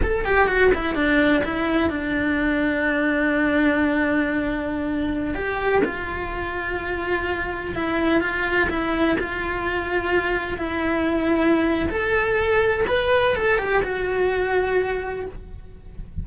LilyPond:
\new Staff \with { instrumentName = "cello" } { \time 4/4 \tempo 4 = 126 a'8 g'8 fis'8 e'8 d'4 e'4 | d'1~ | d'2.~ d'16 g'8.~ | g'16 f'2.~ f'8.~ |
f'16 e'4 f'4 e'4 f'8.~ | f'2~ f'16 e'4.~ e'16~ | e'4 a'2 b'4 | a'8 g'8 fis'2. | }